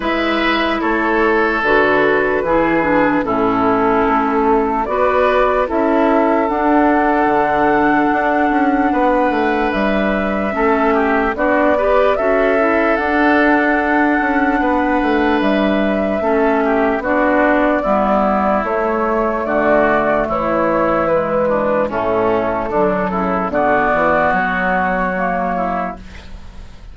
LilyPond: <<
  \new Staff \with { instrumentName = "flute" } { \time 4/4 \tempo 4 = 74 e''4 cis''4 b'2 | a'2 d''4 e''4 | fis''1 | e''2 d''4 e''4 |
fis''2. e''4~ | e''4 d''2 cis''4 | d''4 cis''4 b'4 a'4~ | a'4 d''4 cis''2 | }
  \new Staff \with { instrumentName = "oboe" } { \time 4/4 b'4 a'2 gis'4 | e'2 b'4 a'4~ | a'2. b'4~ | b'4 a'8 g'8 fis'8 b'8 a'4~ |
a'2 b'2 | a'8 g'8 fis'4 e'2 | fis'4 e'4. d'8 cis'4 | d'8 e'8 fis'2~ fis'8 e'8 | }
  \new Staff \with { instrumentName = "clarinet" } { \time 4/4 e'2 fis'4 e'8 d'8 | cis'2 fis'4 e'4 | d'1~ | d'4 cis'4 d'8 g'8 fis'8 e'8 |
d'1 | cis'4 d'4 b4 a4~ | a2 gis4 a4 | fis4 b2 ais4 | }
  \new Staff \with { instrumentName = "bassoon" } { \time 4/4 gis4 a4 d4 e4 | a,4 a4 b4 cis'4 | d'4 d4 d'8 cis'8 b8 a8 | g4 a4 b4 cis'4 |
d'4. cis'8 b8 a8 g4 | a4 b4 g4 a4 | d4 e2 a,4 | d8 cis8 d8 e8 fis2 | }
>>